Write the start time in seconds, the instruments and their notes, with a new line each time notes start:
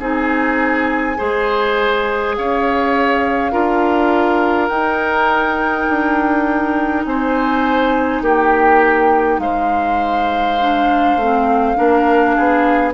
0.00 bassoon C4, clarinet D#4, oboe G#4, flute G#5
1.17 bassoon G#3, clarinet G#4, oboe C5
2.37 bassoon C#4, oboe C#5, flute F5
3.51 bassoon D4, clarinet F4, oboe A#4
4.68 bassoon D#4, clarinet D#4, flute G5
5.89 bassoon D4
7.05 bassoon C4, oboe C5, flute G#5
8.22 bassoon A#3, oboe G4, flute G5
9.38 bassoon G#3, oboe C5, flute F5
10.61 clarinet D4
11.16 bassoon A3, clarinet C4
11.76 bassoon A#3, clarinet D4, oboe A#4
12.36 bassoon B3, oboe G#4